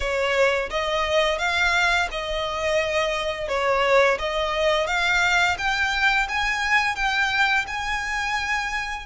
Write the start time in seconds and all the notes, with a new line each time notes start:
0.00 C#5
0.70 D#5
1.38 F5
2.11 D#5
3.48 C#5
4.18 D#5
4.86 F5
5.58 G5
6.28 G#5
6.95 G5
7.67 G#5